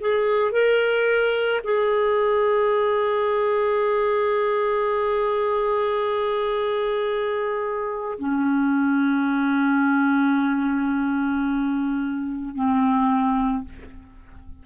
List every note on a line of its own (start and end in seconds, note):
0.00 0.52 G#4
0.52 1.61 A#4
1.64 8.18 G#4
8.19 12.55 C#4
12.55 13.64 C4